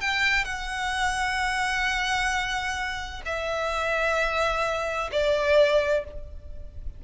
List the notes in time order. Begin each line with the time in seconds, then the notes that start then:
0.00 G5
0.44 F#5
3.25 E5
5.11 D5